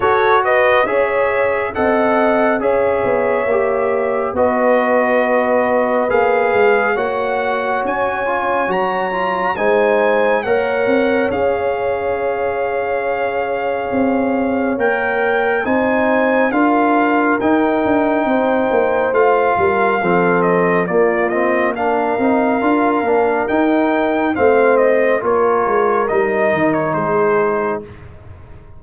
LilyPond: <<
  \new Staff \with { instrumentName = "trumpet" } { \time 4/4 \tempo 4 = 69 cis''8 dis''8 e''4 fis''4 e''4~ | e''4 dis''2 f''4 | fis''4 gis''4 ais''4 gis''4 | fis''4 f''2.~ |
f''4 g''4 gis''4 f''4 | g''2 f''4. dis''8 | d''8 dis''8 f''2 g''4 | f''8 dis''8 cis''4 dis''8. cis''16 c''4 | }
  \new Staff \with { instrumentName = "horn" } { \time 4/4 a'8 b'8 cis''4 dis''4 cis''4~ | cis''4 b'2. | cis''2. c''4 | cis''1~ |
cis''2 c''4 ais'4~ | ais'4 c''4. ais'8 a'4 | f'4 ais'2. | c''4 ais'2 gis'4 | }
  \new Staff \with { instrumentName = "trombone" } { \time 4/4 fis'4 gis'4 a'4 gis'4 | g'4 fis'2 gis'4 | fis'4. f'8 fis'8 f'8 dis'4 | ais'4 gis'2.~ |
gis'4 ais'4 dis'4 f'4 | dis'2 f'4 c'4 | ais8 c'8 d'8 dis'8 f'8 d'8 dis'4 | c'4 f'4 dis'2 | }
  \new Staff \with { instrumentName = "tuba" } { \time 4/4 fis'4 cis'4 c'4 cis'8 b8 | ais4 b2 ais8 gis8 | ais4 cis'4 fis4 gis4 | ais8 c'8 cis'2. |
c'4 ais4 c'4 d'4 | dis'8 d'8 c'8 ais8 a8 g8 f4 | ais4. c'8 d'8 ais8 dis'4 | a4 ais8 gis8 g8 dis8 gis4 | }
>>